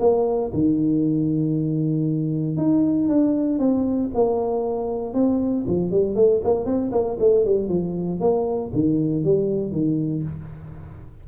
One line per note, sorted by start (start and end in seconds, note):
0.00 0.51 A#3
0.53 2.57 D#3
2.57 3.09 D#4
3.09 3.59 D4
3.59 4.10 C4
4.14 5.14 A#3
5.14 5.65 C4
5.67 5.91 F3
5.91 6.15 G3
6.15 6.41 A3
6.44 6.65 A#3
6.65 6.91 C4
6.92 7.18 A#3
7.20 7.45 A3
7.45 7.69 G3
7.69 8.20 F3
8.20 8.71 A#3
8.73 9.24 D#3
9.24 9.72 G3
9.72 10.23 D#3